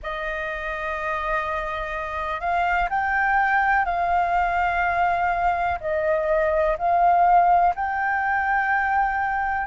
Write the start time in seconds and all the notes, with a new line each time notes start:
0.02 D#5
2.40 F5
2.89 G5
3.85 F5
5.80 D#5
6.77 F5
7.75 G5